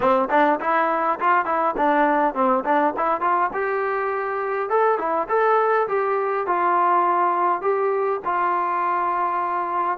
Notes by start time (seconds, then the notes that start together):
0.00 C4
0.30 D4
0.60 E4
1.20 F4
1.45 E4
1.77 D4
2.34 C4
2.64 D4
2.97 E4
3.21 F4
3.53 G4
4.69 A4
4.98 E4
5.28 A4
5.87 G4
6.46 F4
7.61 G4
8.24 F4